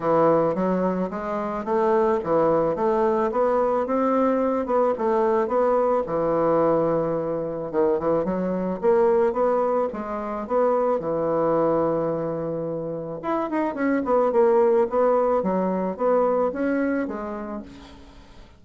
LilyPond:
\new Staff \with { instrumentName = "bassoon" } { \time 4/4 \tempo 4 = 109 e4 fis4 gis4 a4 | e4 a4 b4 c'4~ | c'8 b8 a4 b4 e4~ | e2 dis8 e8 fis4 |
ais4 b4 gis4 b4 | e1 | e'8 dis'8 cis'8 b8 ais4 b4 | fis4 b4 cis'4 gis4 | }